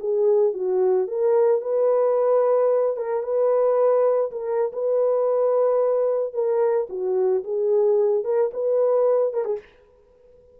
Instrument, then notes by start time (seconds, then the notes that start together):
horn
0.00 G#4
0.53 F#4
1.07 A#4
1.61 B4
2.97 A#4
3.23 B4
4.31 A#4
4.73 B4
6.33 A#4
6.89 F#4
7.44 G#4
8.24 A#4
8.54 B4
9.33 A#4
9.45 G#4